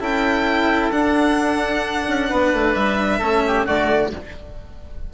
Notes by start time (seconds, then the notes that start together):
0.00 C#4 E4 A4 G5
0.91 D4 F#5
2.07 C#4
2.29 B3 B4
2.53 A3
2.74 G3 E5
3.19 A3 C#4 A4
3.47 G4
3.65 D3 A3 F#4 D5